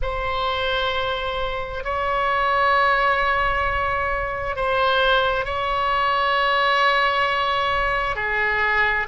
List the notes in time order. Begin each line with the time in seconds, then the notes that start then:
0.02 C5
1.84 C#5
4.56 C5
5.45 C#5
8.15 G#4